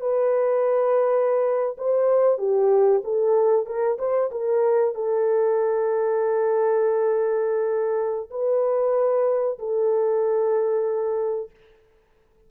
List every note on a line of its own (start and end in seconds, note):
0.00 1.76 B4
1.77 2.38 C5
2.38 3.02 G4
3.04 3.66 A4
3.66 3.97 A#4
3.98 4.30 C5
4.31 4.95 A#4
4.95 8.30 A4
8.30 9.58 B4
9.59 11.50 A4